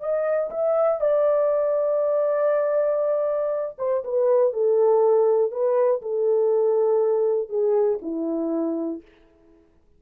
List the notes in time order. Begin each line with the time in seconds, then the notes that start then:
0.00 D#5
0.50 E5
1.01 D5
3.78 C5
4.04 B4
4.53 A4
5.51 B4
6.02 A4
7.49 G#4
8.02 E4